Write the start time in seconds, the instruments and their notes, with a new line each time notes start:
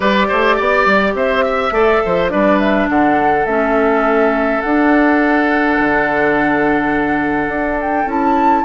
0.00 bassoon G3, clarinet G4, oboe B4, flute D5
0.28 bassoon A3, oboe C5
0.56 bassoon B3, oboe D5
0.85 bassoon G3
1.14 bassoon C4, oboe C5, flute E5
1.44 oboe E5
1.71 bassoon A3, clarinet A4, oboe D5
2.05 bassoon F3, oboe C5
2.29 bassoon G3, clarinet D4, oboe B4, flute D5
2.59 flute E5
2.88 bassoon D3, oboe A4, flute F#5
3.45 bassoon A3, clarinet C#4, flute E5
4.61 bassoon D4, clarinet D4, flute F#5
5.79 bassoon D3
7.48 bassoon D4
7.80 flute G5
8.05 bassoon C#4, clarinet E4, flute A5